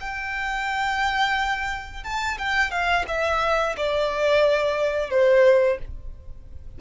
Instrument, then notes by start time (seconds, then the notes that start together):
violin
0.00 G5
2.03 A5
2.38 G5
2.71 F5
3.07 E5
3.77 D5
5.10 C5